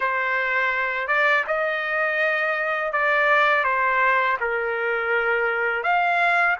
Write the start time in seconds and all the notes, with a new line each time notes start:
0.00 C5
1.07 D5
1.47 D#5
2.92 D5
3.64 C5
4.40 A#4
5.83 F5